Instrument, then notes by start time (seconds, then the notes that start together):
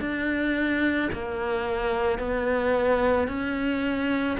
cello
0.00 D4
1.12 A#3
2.18 B3
3.28 C#4